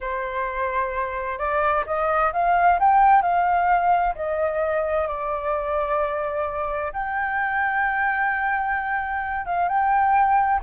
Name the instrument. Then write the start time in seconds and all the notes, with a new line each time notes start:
flute
0.00 C5
1.38 D5
1.86 D#5
2.33 F5
2.79 G5
3.22 F5
4.15 D#5
5.07 D5
6.93 G5
9.46 F5
9.68 G5